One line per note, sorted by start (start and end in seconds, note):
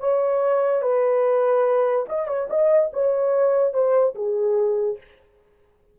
0.00 0.82 C#5
0.82 2.06 B4
2.09 2.28 D#5
2.28 2.48 C#5
2.50 2.91 D#5
2.93 3.73 C#5
3.73 4.15 C5
4.15 4.98 G#4